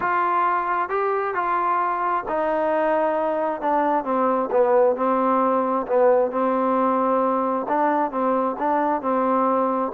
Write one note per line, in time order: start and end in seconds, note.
0.00 0.89 F4
0.89 1.34 G4
1.34 2.24 F4
2.28 3.61 D#4
3.61 4.04 D4
4.04 4.49 C4
4.51 4.96 B3
4.96 5.86 C4
5.87 6.31 B3
6.31 7.66 C4
7.68 8.11 D4
8.11 8.56 C4
8.59 9.01 D4
9.01 9.91 C4